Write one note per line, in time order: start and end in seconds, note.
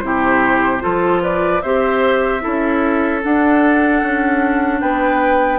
0.00 0.83 C3
0.00 0.80 E4
0.00 0.83 G4
0.00 1.20 C5
0.80 1.63 F3
0.80 1.60 F4
0.80 1.23 A4
1.23 1.63 B4
1.23 1.62 D5
1.62 2.43 C4
1.62 2.41 G4
1.62 2.43 C5
1.62 3.22 E5
2.41 3.25 C#4
2.41 3.21 E4
2.41 4.81 A4
3.24 5.60 D4
3.24 4.03 D4
3.24 4.81 F#5
4.03 4.82 C#4
4.81 5.60 B3
4.81 5.60 B4
4.81 5.60 G5